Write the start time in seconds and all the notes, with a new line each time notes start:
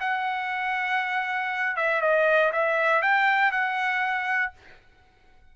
0.00 F#5
1.76 E5
2.01 D#5
2.52 E5
3.02 G5
3.51 F#5